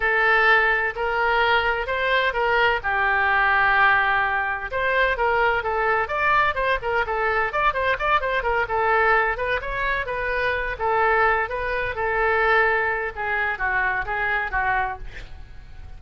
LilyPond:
\new Staff \with { instrumentName = "oboe" } { \time 4/4 \tempo 4 = 128 a'2 ais'2 | c''4 ais'4 g'2~ | g'2 c''4 ais'4 | a'4 d''4 c''8 ais'8 a'4 |
d''8 c''8 d''8 c''8 ais'8 a'4. | b'8 cis''4 b'4. a'4~ | a'8 b'4 a'2~ a'8 | gis'4 fis'4 gis'4 fis'4 | }